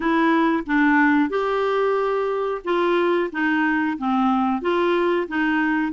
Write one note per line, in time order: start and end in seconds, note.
0.00 0.63 E4
0.66 1.29 D4
1.29 2.61 G4
2.64 3.30 F4
3.31 3.97 D#4
3.98 4.61 C4
4.61 5.27 F4
5.28 5.92 D#4